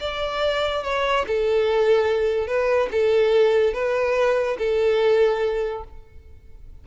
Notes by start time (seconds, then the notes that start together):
0.00 D5
0.84 C#5
1.27 A4
2.47 B4
2.92 A4
3.73 B4
4.58 A4